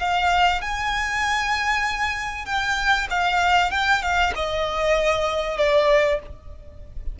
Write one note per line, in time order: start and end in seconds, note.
0.00 0.61 F5
0.61 2.45 G#5
2.45 3.07 G5
3.10 3.71 F5
3.71 4.02 G5
4.02 4.33 F5
4.36 5.58 D#5
5.58 6.19 D5